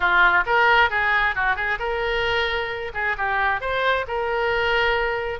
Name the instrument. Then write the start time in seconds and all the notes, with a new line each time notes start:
oboe
0.00 F4
0.46 A#4
0.90 G#4
1.35 F#4
1.56 G#4
1.79 A#4
2.93 G#4
3.17 G4
3.60 C5
4.07 A#4